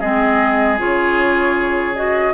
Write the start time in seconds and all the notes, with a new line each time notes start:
0.00 G#3 C4 G#4 D#5
0.79 C#3 F4 C#5
1.96 F#4 D#5